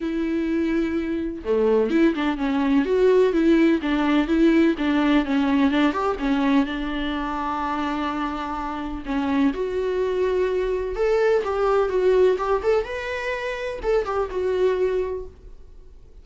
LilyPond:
\new Staff \with { instrumentName = "viola" } { \time 4/4 \tempo 4 = 126 e'2. a4 | e'8 d'8 cis'4 fis'4 e'4 | d'4 e'4 d'4 cis'4 | d'8 g'8 cis'4 d'2~ |
d'2. cis'4 | fis'2. a'4 | g'4 fis'4 g'8 a'8 b'4~ | b'4 a'8 g'8 fis'2 | }